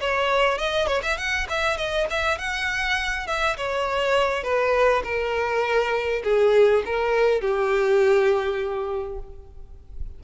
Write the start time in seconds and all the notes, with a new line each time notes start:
0.00 C#5
0.58 D#5
0.87 C#5
1.02 E5
1.17 F#5
1.49 E5
1.77 D#5
2.10 E5
2.38 F#5
3.26 E5
3.57 C#5
4.43 B4
5.03 A#4
6.23 G#4
6.85 A#4
7.40 G4